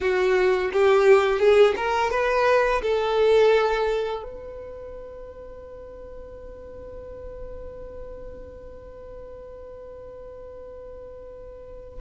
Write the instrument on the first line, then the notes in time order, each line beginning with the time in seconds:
violin
0.00 F#4
0.72 G4
1.39 G#4
1.76 A#4
2.10 B4
2.81 A4
4.23 B4